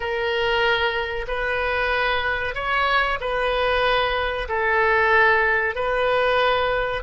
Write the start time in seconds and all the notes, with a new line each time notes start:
0.00 A#4
1.27 B4
2.54 C#5
3.20 B4
4.48 A4
5.75 B4